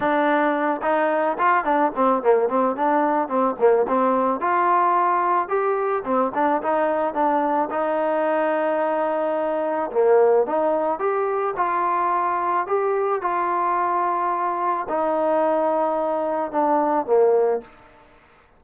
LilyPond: \new Staff \with { instrumentName = "trombone" } { \time 4/4 \tempo 4 = 109 d'4. dis'4 f'8 d'8 c'8 | ais8 c'8 d'4 c'8 ais8 c'4 | f'2 g'4 c'8 d'8 | dis'4 d'4 dis'2~ |
dis'2 ais4 dis'4 | g'4 f'2 g'4 | f'2. dis'4~ | dis'2 d'4 ais4 | }